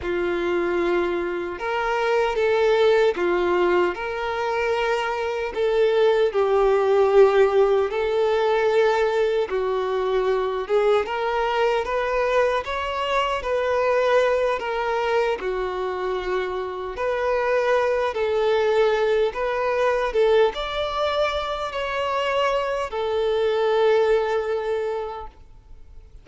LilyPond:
\new Staff \with { instrumentName = "violin" } { \time 4/4 \tempo 4 = 76 f'2 ais'4 a'4 | f'4 ais'2 a'4 | g'2 a'2 | fis'4. gis'8 ais'4 b'4 |
cis''4 b'4. ais'4 fis'8~ | fis'4. b'4. a'4~ | a'8 b'4 a'8 d''4. cis''8~ | cis''4 a'2. | }